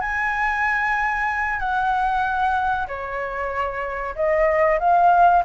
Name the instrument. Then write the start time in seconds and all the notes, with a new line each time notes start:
flute
0.00 G#5
1.59 F#5
2.87 C#5
4.15 D#5
4.79 F5